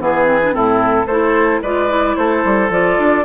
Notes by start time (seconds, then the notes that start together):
0.00 E3 B3 G#4 B4
0.26 C4
0.43 D4
0.52 A2 C4 E4 A4
1.06 A3 E4 A4 C5
1.62 G#3 F4 B4 D5
1.89 E4
2.16 A3 A4 C5
2.45 G3
2.70 F3 F4 D5
2.99 D4